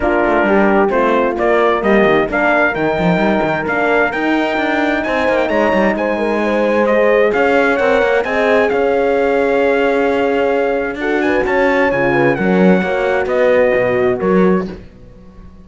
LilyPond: <<
  \new Staff \with { instrumentName = "trumpet" } { \time 4/4 \tempo 4 = 131 ais'2 c''4 d''4 | dis''4 f''4 g''2 | f''4 g''2 gis''8. g''16 | ais''4 gis''2 dis''4 |
f''4 fis''4 gis''4 f''4~ | f''1 | fis''8 gis''8 a''4 gis''4 fis''4~ | fis''4 dis''2 cis''4 | }
  \new Staff \with { instrumentName = "horn" } { \time 4/4 f'4 g'4 f'2 | g'4 ais'2.~ | ais'2. c''4 | cis''4 c''8 ais'8 c''2 |
cis''2 dis''4 cis''4~ | cis''1 | a'8 b'8 cis''4. b'8 ais'4 | cis''4 b'2 ais'4 | }
  \new Staff \with { instrumentName = "horn" } { \time 4/4 d'2 c'4 ais4~ | ais4 d'4 dis'2 | d'4 dis'2.~ | dis'2. gis'4~ |
gis'4 ais'4 gis'2~ | gis'1 | fis'2 f'4 cis'4 | fis'1 | }
  \new Staff \with { instrumentName = "cello" } { \time 4/4 ais8 a8 g4 a4 ais4 | g8 dis8 ais4 dis8 f8 g8 dis8 | ais4 dis'4 d'4 c'8 ais8 | gis8 g8 gis2. |
cis'4 c'8 ais8 c'4 cis'4~ | cis'1 | d'4 cis'4 cis4 fis4 | ais4 b4 b,4 fis4 | }
>>